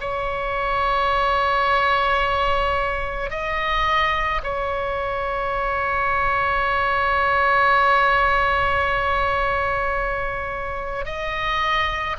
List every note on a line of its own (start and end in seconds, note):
0.00 3.30 C#5
3.30 4.41 D#5
4.43 11.05 C#5
11.05 12.16 D#5